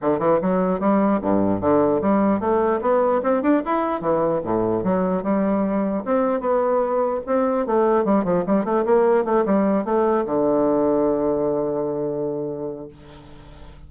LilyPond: \new Staff \with { instrumentName = "bassoon" } { \time 4/4 \tempo 4 = 149 d8 e8 fis4 g4 g,4 | d4 g4 a4 b4 | c'8 d'8 e'4 e4 a,4 | fis4 g2 c'4 |
b2 c'4 a4 | g8 f8 g8 a8 ais4 a8 g8~ | g8 a4 d2~ d8~ | d1 | }